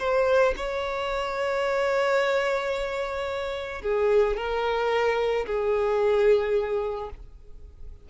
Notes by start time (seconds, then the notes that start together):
0.00 C5
0.57 C#5
3.82 G#4
4.37 A#4
5.46 G#4